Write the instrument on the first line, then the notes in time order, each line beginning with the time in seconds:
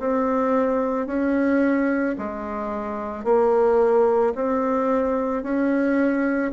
bassoon
0.00 C4
1.07 C#4
2.19 G#3
3.25 A#3
4.35 C4
5.43 C#4